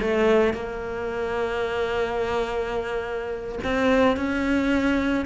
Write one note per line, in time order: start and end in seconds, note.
0.00 0.53 A3
0.53 3.59 A#3
3.63 4.16 C4
4.16 5.25 C#4